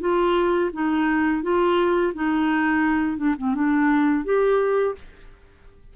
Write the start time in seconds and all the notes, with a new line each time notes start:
0.00 F4
0.73 D#4
1.42 F4
2.14 D#4
3.17 D4
3.38 C4
3.55 D4
4.24 G4